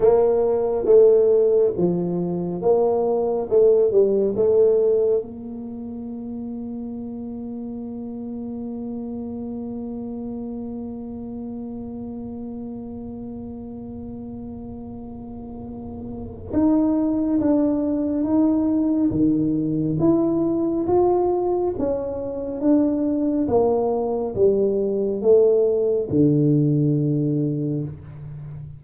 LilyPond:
\new Staff \with { instrumentName = "tuba" } { \time 4/4 \tempo 4 = 69 ais4 a4 f4 ais4 | a8 g8 a4 ais2~ | ais1~ | ais1~ |
ais2. dis'4 | d'4 dis'4 dis4 e'4 | f'4 cis'4 d'4 ais4 | g4 a4 d2 | }